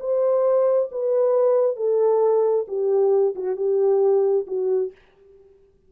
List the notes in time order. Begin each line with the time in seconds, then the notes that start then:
0.00 C5
0.92 B4
1.76 A4
2.68 G4
3.35 F#4
3.56 G4
4.47 F#4